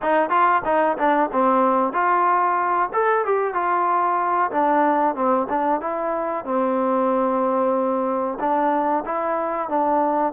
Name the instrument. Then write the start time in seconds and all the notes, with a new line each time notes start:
trombone
0.01 D#4
0.29 F4
0.65 D#4
0.97 D4
1.32 C4
1.92 F4
2.93 A4
3.25 G4
3.54 F4
4.51 D4
5.15 C4
5.49 D4
5.80 E4
6.44 C4
8.39 D4
9.05 E4
9.68 D4